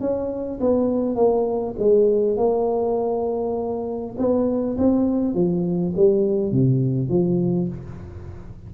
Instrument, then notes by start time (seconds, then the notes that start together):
tuba
0.00 C#4
0.60 B3
1.15 A#3
1.78 G#3
2.37 A#3
4.17 B3
4.78 C4
5.34 F3
5.96 G3
6.52 C3
7.09 F3